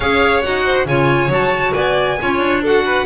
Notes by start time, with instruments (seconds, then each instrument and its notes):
0.00 double bass C#4, clarinet G#4, violin C#5 F5
0.42 double bass D#4, clarinet F#4, violin F#5
0.65 violin C5
0.85 double bass C#3, clarinet F4, violin C#5 G#5
1.28 double bass F#3, clarinet F#4, violin A5
1.73 double bass B3, violin D5 G#5
2.19 double bass C#4, clarinet F4, violin C#5
2.38 double bass D4
2.62 clarinet F#4, violin A4 F#5
2.84 violin B4